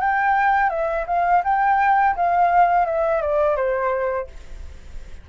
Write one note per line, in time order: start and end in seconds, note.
0.00 0.69 G5
0.69 1.05 E5
1.07 1.43 F5
1.44 2.15 G5
2.16 2.85 F5
2.85 3.21 E5
3.21 3.56 D5
3.56 4.27 C5